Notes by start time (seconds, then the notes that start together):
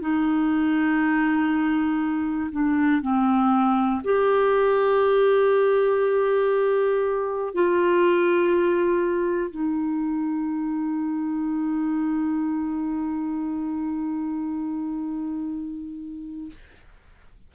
0.00 D#4
2.52 D4
3.01 C4
4.04 G4
7.54 F4
9.51 D#4